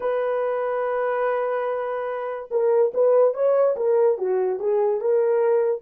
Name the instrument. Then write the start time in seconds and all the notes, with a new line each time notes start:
horn
0.00 B4
2.50 A#4
2.94 B4
3.34 C#5
3.76 A#4
4.18 F#4
4.59 G#4
5.00 A#4